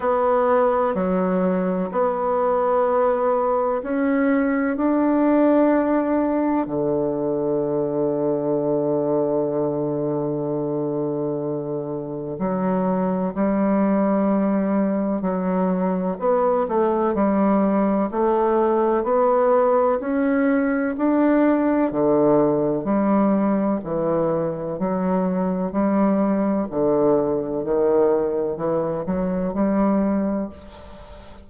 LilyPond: \new Staff \with { instrumentName = "bassoon" } { \time 4/4 \tempo 4 = 63 b4 fis4 b2 | cis'4 d'2 d4~ | d1~ | d4 fis4 g2 |
fis4 b8 a8 g4 a4 | b4 cis'4 d'4 d4 | g4 e4 fis4 g4 | d4 dis4 e8 fis8 g4 | }